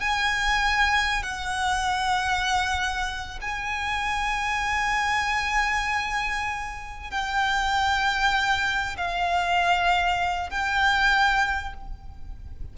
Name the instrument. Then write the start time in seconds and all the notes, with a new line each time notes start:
violin
0.00 G#5
1.22 F#5
3.41 G#5
7.11 G5
8.97 F5
10.50 G5